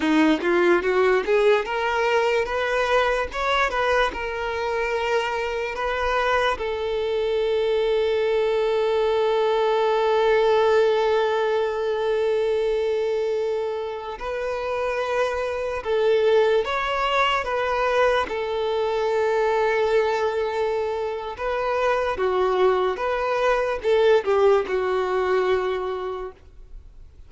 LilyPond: \new Staff \with { instrumentName = "violin" } { \time 4/4 \tempo 4 = 73 dis'8 f'8 fis'8 gis'8 ais'4 b'4 | cis''8 b'8 ais'2 b'4 | a'1~ | a'1~ |
a'4~ a'16 b'2 a'8.~ | a'16 cis''4 b'4 a'4.~ a'16~ | a'2 b'4 fis'4 | b'4 a'8 g'8 fis'2 | }